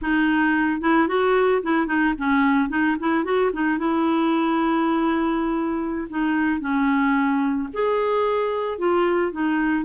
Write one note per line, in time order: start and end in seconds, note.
0.01 0.81 D#4
0.81 1.08 E4
1.08 1.62 F#4
1.62 1.86 E4
1.86 2.14 D#4
2.18 2.69 C#4
2.69 2.96 D#4
2.99 3.24 E4
3.24 3.51 F#4
3.52 3.78 D#4
3.78 6.08 E4
6.09 6.60 D#4
6.60 7.68 C#4
7.73 8.78 G#4
8.78 9.31 F4
9.31 9.85 D#4